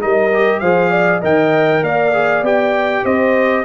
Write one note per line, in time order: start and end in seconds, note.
0.00 0.62 G3
0.00 0.30 D#4
0.00 0.62 A#4
0.00 0.60 D#5
0.34 0.64 G4
0.60 1.22 F3
0.60 1.22 G#4
0.60 0.91 C5
0.60 1.20 F5
0.91 1.21 D5
1.21 1.82 D#3
1.21 2.13 A#4
1.21 1.82 D#5
1.21 1.85 G5
1.82 2.43 A#3
1.82 3.04 D5
1.82 2.45 F5
2.14 2.44 G#4
2.43 3.04 B3
2.43 3.65 G4
2.43 3.06 G5
3.04 3.65 C4
3.04 3.65 C5
3.04 3.66 D#5